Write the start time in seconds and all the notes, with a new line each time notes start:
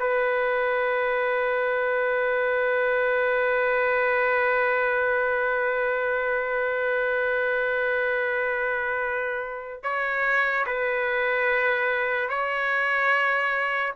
0.00 B4
9.84 C#5
10.67 B4
12.30 C#5